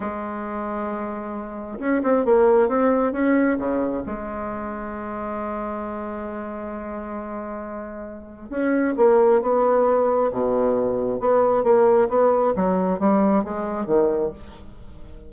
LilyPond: \new Staff \with { instrumentName = "bassoon" } { \time 4/4 \tempo 4 = 134 gis1 | cis'8 c'8 ais4 c'4 cis'4 | cis4 gis2.~ | gis1~ |
gis2. cis'4 | ais4 b2 b,4~ | b,4 b4 ais4 b4 | fis4 g4 gis4 dis4 | }